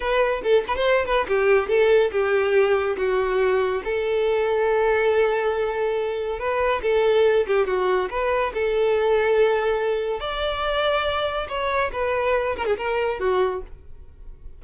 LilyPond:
\new Staff \with { instrumentName = "violin" } { \time 4/4 \tempo 4 = 141 b'4 a'8 b'16 c''8. b'8 g'4 | a'4 g'2 fis'4~ | fis'4 a'2.~ | a'2. b'4 |
a'4. g'8 fis'4 b'4 | a'1 | d''2. cis''4 | b'4. ais'16 gis'16 ais'4 fis'4 | }